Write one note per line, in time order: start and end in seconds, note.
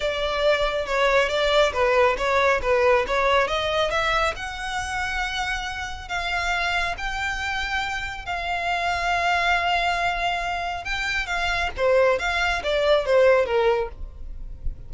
0.00 0.86 D5
0.86 1.28 C#5
1.28 1.72 D5
1.73 2.16 B4
2.17 2.60 C#5
2.62 3.05 B4
3.07 3.47 C#5
3.47 3.90 D#5
3.90 4.34 E5
4.35 6.08 F#5
6.08 6.95 F5
6.97 8.25 G5
8.25 10.84 F5
10.84 11.26 G5
11.26 11.70 F5
11.76 12.19 C5
12.19 12.62 F5
12.63 13.05 D5
13.05 13.45 C5
13.45 13.89 A#4